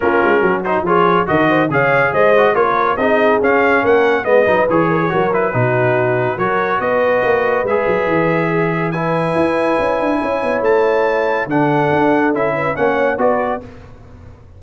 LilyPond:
<<
  \new Staff \with { instrumentName = "trumpet" } { \time 4/4 \tempo 4 = 141 ais'4. c''8 cis''4 dis''4 | f''4 dis''4 cis''4 dis''4 | f''4 fis''4 dis''4 cis''4~ | cis''8 b'2~ b'8 cis''4 |
dis''2 e''2~ | e''4 gis''2.~ | gis''4 a''2 fis''4~ | fis''4 e''4 fis''4 d''4 | }
  \new Staff \with { instrumentName = "horn" } { \time 4/4 f'4 fis'4 gis'4 ais'8 c''8 | cis''4 c''4 ais'4 gis'4~ | gis'4 ais'4 b'4. ais'16 gis'16 | ais'4 fis'2 ais'4 |
b'1 | gis'4 b'2. | cis''2. a'4~ | a'4. b'8 cis''4 b'4 | }
  \new Staff \with { instrumentName = "trombone" } { \time 4/4 cis'4. dis'8 f'4 fis'4 | gis'4. fis'8 f'4 dis'4 | cis'2 b8 dis'8 gis'4 | fis'8 e'8 dis'2 fis'4~ |
fis'2 gis'2~ | gis'4 e'2.~ | e'2. d'4~ | d'4 e'4 cis'4 fis'4 | }
  \new Staff \with { instrumentName = "tuba" } { \time 4/4 ais8 gis8 fis4 f4 dis4 | cis4 gis4 ais4 c'4 | cis'4 ais4 gis8 fis8 e4 | fis4 b,2 fis4 |
b4 ais4 gis8 fis8 e4~ | e2 e'4 cis'8 d'8 | cis'8 b8 a2 d4 | d'4 cis'4 ais4 b4 | }
>>